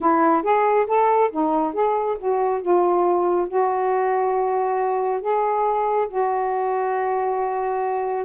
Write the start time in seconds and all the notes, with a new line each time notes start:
0.00 E4
0.42 G#4
0.87 A4
1.31 D#4
1.74 G#4
2.18 F#4
2.61 F4
3.48 F#4
5.21 G#4
6.08 F#4